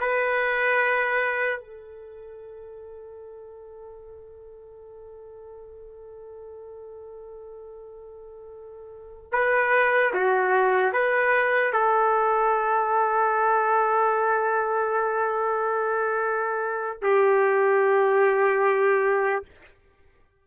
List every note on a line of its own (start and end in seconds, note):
0.00 1.60 B4
1.60 9.30 A4
9.32 10.13 B4
10.14 10.93 F#4
10.93 11.73 B4
11.73 17.00 A4
17.02 19.45 G4